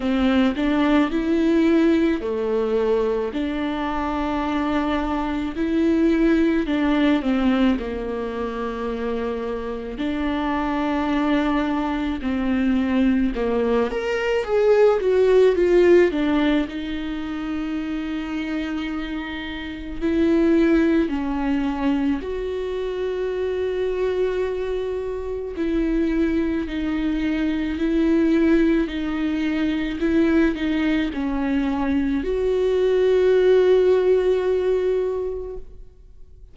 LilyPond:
\new Staff \with { instrumentName = "viola" } { \time 4/4 \tempo 4 = 54 c'8 d'8 e'4 a4 d'4~ | d'4 e'4 d'8 c'8 ais4~ | ais4 d'2 c'4 | ais8 ais'8 gis'8 fis'8 f'8 d'8 dis'4~ |
dis'2 e'4 cis'4 | fis'2. e'4 | dis'4 e'4 dis'4 e'8 dis'8 | cis'4 fis'2. | }